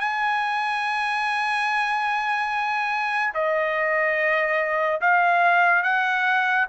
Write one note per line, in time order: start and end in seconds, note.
0.00 3.33 G#5
3.34 5.00 D#5
5.01 5.83 F5
5.83 6.66 F#5